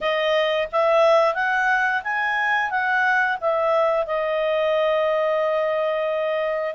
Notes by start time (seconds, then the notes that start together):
0.00 D#5
0.71 E5
1.34 F#5
2.03 G#5
2.70 F#5
3.40 E5
4.06 D#5